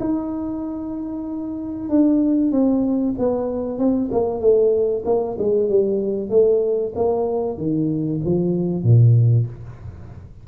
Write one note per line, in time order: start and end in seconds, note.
0.00 1.89 D#4
1.89 2.51 D4
2.51 3.15 C4
3.18 3.78 B3
3.78 4.10 C4
4.12 4.40 A#3
4.40 5.04 A3
5.05 5.37 A#3
5.38 5.69 G#3
5.69 6.30 G3
6.30 6.93 A3
6.95 7.58 A#3
7.58 8.21 D#3
8.24 8.83 F3
8.83 9.46 A#2